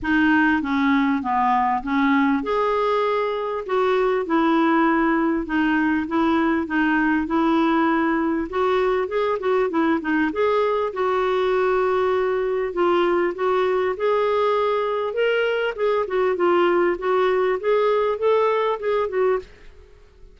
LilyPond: \new Staff \with { instrumentName = "clarinet" } { \time 4/4 \tempo 4 = 99 dis'4 cis'4 b4 cis'4 | gis'2 fis'4 e'4~ | e'4 dis'4 e'4 dis'4 | e'2 fis'4 gis'8 fis'8 |
e'8 dis'8 gis'4 fis'2~ | fis'4 f'4 fis'4 gis'4~ | gis'4 ais'4 gis'8 fis'8 f'4 | fis'4 gis'4 a'4 gis'8 fis'8 | }